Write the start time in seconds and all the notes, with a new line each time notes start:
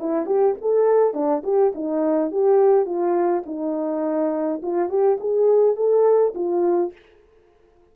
0.00 E4
0.26 G4
0.61 A4
1.14 D4
1.44 G4
1.75 D#4
2.32 G4
2.86 F4
3.46 D#4
4.63 F4
4.89 G4
5.20 G#4
5.76 A4
6.35 F4